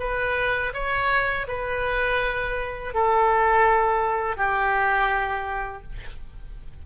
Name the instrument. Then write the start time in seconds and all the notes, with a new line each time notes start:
oboe
0.00 B4
0.74 C#5
1.48 B4
2.94 A4
4.37 G4